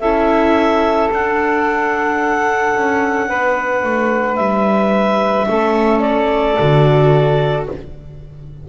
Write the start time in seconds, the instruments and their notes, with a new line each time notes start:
0.00 double bass C#4, viola E4, saxophone A4, clarinet E5
1.11 double bass D4, viola D4, clarinet F#5
2.75 double bass C#4
3.28 double bass B3, saxophone B4
3.83 double bass A3
4.36 double bass G3, clarinet E5
5.48 double bass A3, viola C#4, saxophone A4
6.00 clarinet D5
6.60 double bass D3, viola F#4